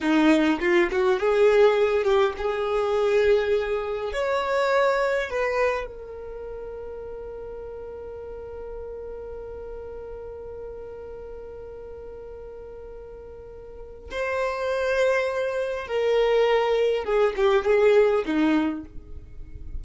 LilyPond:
\new Staff \with { instrumentName = "violin" } { \time 4/4 \tempo 4 = 102 dis'4 f'8 fis'8 gis'4. g'8 | gis'2. cis''4~ | cis''4 b'4 ais'2~ | ais'1~ |
ais'1~ | ais'1 | c''2. ais'4~ | ais'4 gis'8 g'8 gis'4 dis'4 | }